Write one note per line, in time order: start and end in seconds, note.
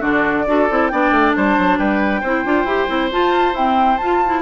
0.00 0.44 D3
0.00 0.45 D4
0.00 0.44 F#4
0.00 0.88 D5
0.47 0.69 D4
0.47 0.69 F#4
0.47 0.92 A4
0.70 0.92 C4
0.70 0.91 E4
0.88 1.11 B3
0.88 2.24 D4
0.88 1.36 D5
0.88 1.32 G5
1.11 1.33 A3
1.34 1.58 G3
1.34 1.78 C5
1.34 1.78 A5
1.58 1.78 F#3
1.78 2.22 G3
1.78 2.20 B4
1.78 3.11 G5
2.20 2.45 C4
2.20 2.45 E4
2.20 4.41 C5
2.45 2.64 D4
2.45 2.67 F4
2.64 2.86 E4
2.64 2.88 G4
2.88 3.11 C4
2.88 3.10 E4
3.11 3.55 F4
3.11 3.53 F4
3.11 3.56 A5
3.53 4.00 C4
3.53 3.97 E4
3.53 3.97 G5
3.97 4.42 F4
3.97 4.24 F4
3.97 4.41 A5
4.25 4.42 E4